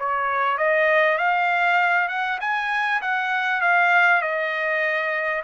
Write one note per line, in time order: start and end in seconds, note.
0.00 0.58 C#5
0.58 1.19 D#5
1.19 2.09 F5
2.09 2.39 F#5
2.41 3.02 G#5
3.02 3.62 F#5
3.62 4.22 F5
4.22 5.44 D#5